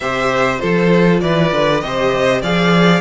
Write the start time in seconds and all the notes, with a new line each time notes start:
0.00 C3 G4 C5 E5
0.58 F3 F4 A4 C5
1.20 E3 B4 D5
1.52 D3
1.80 C3 G4 C5 D#5
2.41 F3 G#4 D5 F5